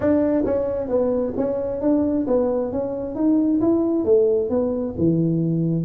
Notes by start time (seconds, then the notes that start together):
0.00 D4
0.45 C#4
0.88 B3
1.37 C#4
1.81 D4
2.27 B3
2.71 C#4
3.15 D#4
3.60 E4
4.05 A3
4.49 B3
4.97 E3